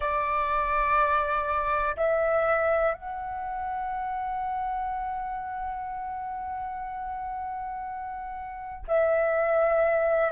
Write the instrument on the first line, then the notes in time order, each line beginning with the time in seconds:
flute
0.00 D5
1.97 E5
2.94 F#5
8.87 E5